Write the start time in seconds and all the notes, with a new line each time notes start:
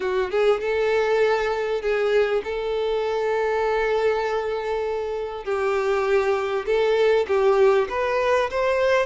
0.00 F#4
0.31 G#4
0.60 A4
1.81 G#4
2.44 A4
5.44 G4
6.66 A4
7.27 G4
7.89 B4
8.50 C5